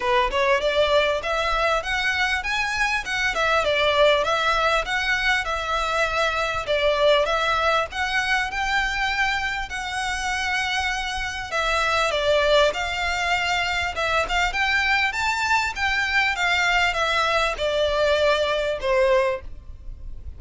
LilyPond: \new Staff \with { instrumentName = "violin" } { \time 4/4 \tempo 4 = 99 b'8 cis''8 d''4 e''4 fis''4 | gis''4 fis''8 e''8 d''4 e''4 | fis''4 e''2 d''4 | e''4 fis''4 g''2 |
fis''2. e''4 | d''4 f''2 e''8 f''8 | g''4 a''4 g''4 f''4 | e''4 d''2 c''4 | }